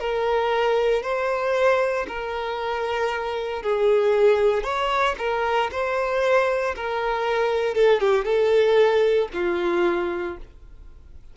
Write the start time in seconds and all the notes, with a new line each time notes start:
0.00 A#4
1.03 C5
2.08 A#4
3.63 G#4
4.64 C#5
5.19 A#4
5.72 C5
6.76 A#4
7.75 A4
8.01 G4
8.25 A4
9.34 F4